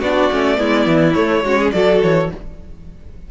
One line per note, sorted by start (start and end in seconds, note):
0.00 0.30 B3
0.00 0.32 D4
0.00 0.57 F#4
0.00 1.14 D5
0.32 0.60 A3
0.32 0.56 C#4
0.56 0.87 G#3
0.56 1.13 B3
0.56 1.44 E4
0.87 1.15 E3
1.14 1.43 A3
1.14 1.44 A3
1.14 1.71 C#5
1.44 1.73 G#3
1.44 1.74 C#4
1.44 1.58 F#4
1.58 1.73 G#4
1.72 2.03 F#3
1.72 2.31 F#4
1.72 2.31 A4
1.72 2.00 D5
2.03 2.31 E3
2.03 2.31 C#5